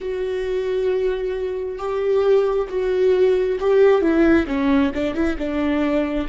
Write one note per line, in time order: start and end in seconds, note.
0.00 1.78 F#4
1.78 2.68 G4
2.69 3.58 F#4
3.60 4.01 G4
4.01 4.46 E4
4.46 4.91 C#4
4.94 5.14 D4
5.14 5.36 E4
5.38 6.27 D4